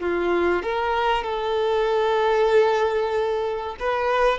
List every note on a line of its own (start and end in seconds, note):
0.00 0.63 F4
0.63 1.24 A#4
1.24 3.77 A4
3.80 4.39 B4